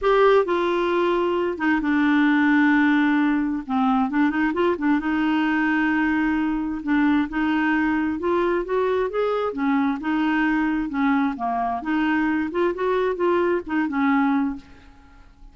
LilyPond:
\new Staff \with { instrumentName = "clarinet" } { \time 4/4 \tempo 4 = 132 g'4 f'2~ f'8 dis'8 | d'1 | c'4 d'8 dis'8 f'8 d'8 dis'4~ | dis'2. d'4 |
dis'2 f'4 fis'4 | gis'4 cis'4 dis'2 | cis'4 ais4 dis'4. f'8 | fis'4 f'4 dis'8 cis'4. | }